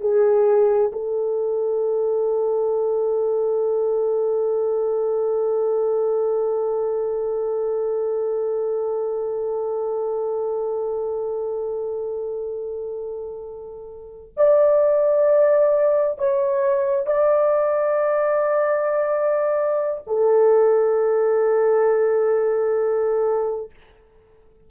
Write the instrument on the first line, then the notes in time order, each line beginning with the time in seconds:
horn
0.00 G#4
0.92 A4
14.37 D5
16.18 C#5
17.06 D5
20.07 A4